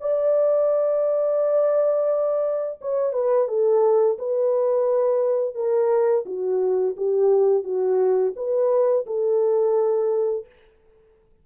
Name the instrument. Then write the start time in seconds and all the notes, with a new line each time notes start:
horn
0.00 D5
2.81 C#5
3.13 B4
3.48 A4
4.18 B4
5.55 A#4
6.25 F#4
6.96 G4
7.63 F#4
8.36 B4
9.06 A4